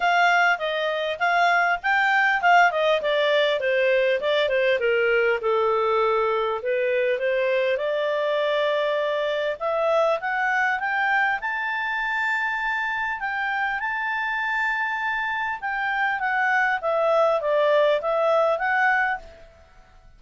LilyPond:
\new Staff \with { instrumentName = "clarinet" } { \time 4/4 \tempo 4 = 100 f''4 dis''4 f''4 g''4 | f''8 dis''8 d''4 c''4 d''8 c''8 | ais'4 a'2 b'4 | c''4 d''2. |
e''4 fis''4 g''4 a''4~ | a''2 g''4 a''4~ | a''2 g''4 fis''4 | e''4 d''4 e''4 fis''4 | }